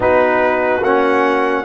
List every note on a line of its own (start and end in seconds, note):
0.00 0.80 B3
0.00 0.81 D#4
0.00 1.61 F#4
0.00 0.83 B4
0.80 1.62 A#3
0.80 1.64 C#4
0.80 1.64 F#5